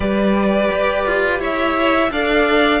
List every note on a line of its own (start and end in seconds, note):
0.00 0.70 G3
0.00 2.09 G4
0.00 1.40 B4
0.00 1.40 D5
0.72 1.06 G4
1.06 1.39 F4
1.39 2.09 E4
1.39 2.11 C#5
1.39 2.12 E5
2.11 2.80 D4
2.11 2.80 A4
2.11 2.80 D5
2.11 2.80 F5